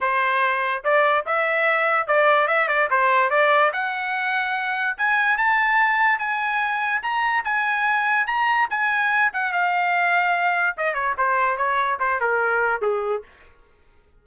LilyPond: \new Staff \with { instrumentName = "trumpet" } { \time 4/4 \tempo 4 = 145 c''2 d''4 e''4~ | e''4 d''4 e''8 d''8 c''4 | d''4 fis''2. | gis''4 a''2 gis''4~ |
gis''4 ais''4 gis''2 | ais''4 gis''4. fis''8 f''4~ | f''2 dis''8 cis''8 c''4 | cis''4 c''8 ais'4. gis'4 | }